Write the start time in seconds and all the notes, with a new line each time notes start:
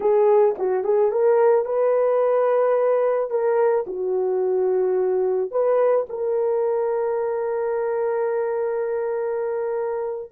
0.00 G#4
0.58 F#4
0.84 G#4
1.11 A#4
1.65 B4
3.30 A#4
3.87 F#4
5.51 B4
6.09 A#4